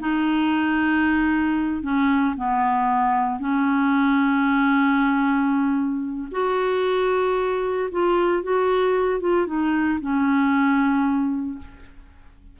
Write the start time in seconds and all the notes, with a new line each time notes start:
0.00 D#4
1.83 C#4
2.37 B3
3.39 C#4
6.32 F#4
7.91 F4
8.43 F#4
9.20 F4
9.47 D#4
10.01 C#4